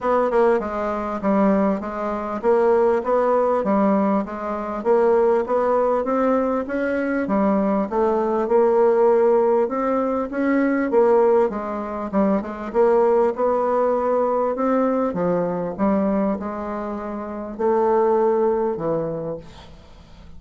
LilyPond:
\new Staff \with { instrumentName = "bassoon" } { \time 4/4 \tempo 4 = 99 b8 ais8 gis4 g4 gis4 | ais4 b4 g4 gis4 | ais4 b4 c'4 cis'4 | g4 a4 ais2 |
c'4 cis'4 ais4 gis4 | g8 gis8 ais4 b2 | c'4 f4 g4 gis4~ | gis4 a2 e4 | }